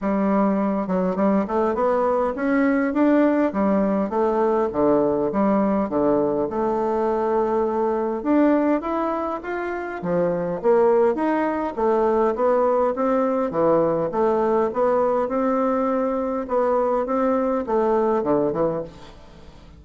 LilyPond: \new Staff \with { instrumentName = "bassoon" } { \time 4/4 \tempo 4 = 102 g4. fis8 g8 a8 b4 | cis'4 d'4 g4 a4 | d4 g4 d4 a4~ | a2 d'4 e'4 |
f'4 f4 ais4 dis'4 | a4 b4 c'4 e4 | a4 b4 c'2 | b4 c'4 a4 d8 e8 | }